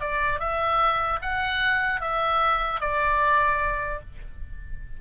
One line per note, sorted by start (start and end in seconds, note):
0.00 0.39 D5
0.39 1.19 E5
1.21 2.00 F#5
2.00 2.80 E5
2.80 4.00 D5